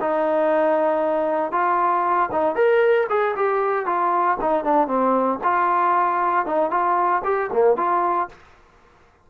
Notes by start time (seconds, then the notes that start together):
0.00 D#4
1.51 F4
2.31 D#4
2.55 A#4
3.09 G#4
3.36 G4
3.85 F4
4.41 D#4
4.64 D4
4.87 C4
5.43 F4
6.46 D#4
6.70 F4
7.24 G4
7.52 A#3
7.76 F4